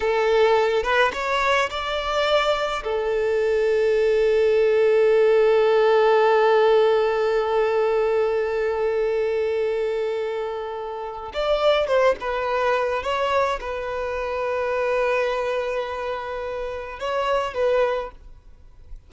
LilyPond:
\new Staff \with { instrumentName = "violin" } { \time 4/4 \tempo 4 = 106 a'4. b'8 cis''4 d''4~ | d''4 a'2.~ | a'1~ | a'1~ |
a'1 | d''4 c''8 b'4. cis''4 | b'1~ | b'2 cis''4 b'4 | }